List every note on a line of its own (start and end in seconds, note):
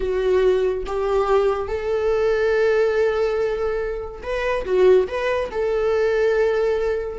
0.00 0.84 F#4
0.86 1.67 G4
1.67 4.21 A4
4.22 4.65 B4
4.65 5.07 F#4
5.07 5.49 B4
5.51 7.18 A4